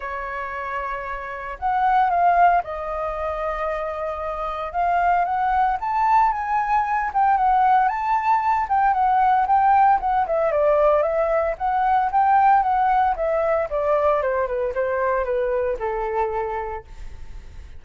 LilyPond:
\new Staff \with { instrumentName = "flute" } { \time 4/4 \tempo 4 = 114 cis''2. fis''4 | f''4 dis''2.~ | dis''4 f''4 fis''4 a''4 | gis''4. g''8 fis''4 a''4~ |
a''8 g''8 fis''4 g''4 fis''8 e''8 | d''4 e''4 fis''4 g''4 | fis''4 e''4 d''4 c''8 b'8 | c''4 b'4 a'2 | }